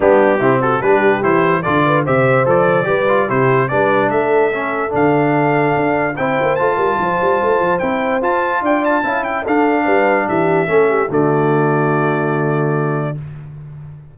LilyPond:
<<
  \new Staff \with { instrumentName = "trumpet" } { \time 4/4 \tempo 4 = 146 g'4. a'8 b'4 c''4 | d''4 e''4 d''2 | c''4 d''4 e''2 | f''2. g''4 |
a''2. g''4 | a''4 g''8 a''4 g''8 f''4~ | f''4 e''2 d''4~ | d''1 | }
  \new Staff \with { instrumentName = "horn" } { \time 4/4 d'4 e'8 fis'8 g'2 | a'8 b'8 c''2 b'4 | g'4 b'4 a'2~ | a'2. c''4~ |
c''8 ais'8 c''2.~ | c''4 d''4 f''8 e''8 a'4 | b'4 g'4 a'8 g'8 fis'4~ | fis'1 | }
  \new Staff \with { instrumentName = "trombone" } { \time 4/4 b4 c'4 d'4 e'4 | f'4 g'4 a'4 g'8 f'8 | e'4 d'2 cis'4 | d'2. e'4 |
f'2. e'4 | f'2 e'4 d'4~ | d'2 cis'4 a4~ | a1 | }
  \new Staff \with { instrumentName = "tuba" } { \time 4/4 g4 c4 g4 e4 | d4 c4 f4 g4 | c4 g4 a2 | d2 d'4 c'8 ais8 |
a8 g8 f8 g8 a8 f8 c'4 | f'4 d'4 cis'4 d'4 | g4 e4 a4 d4~ | d1 | }
>>